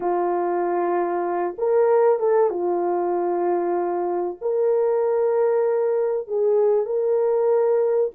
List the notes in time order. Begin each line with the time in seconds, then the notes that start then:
0.00 F4
1.58 A#4
2.19 A4
2.50 F4
4.41 A#4
6.27 G#4
6.85 A#4